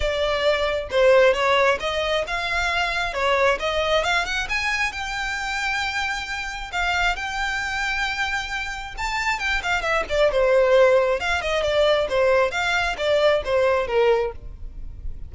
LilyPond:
\new Staff \with { instrumentName = "violin" } { \time 4/4 \tempo 4 = 134 d''2 c''4 cis''4 | dis''4 f''2 cis''4 | dis''4 f''8 fis''8 gis''4 g''4~ | g''2. f''4 |
g''1 | a''4 g''8 f''8 e''8 d''8 c''4~ | c''4 f''8 dis''8 d''4 c''4 | f''4 d''4 c''4 ais'4 | }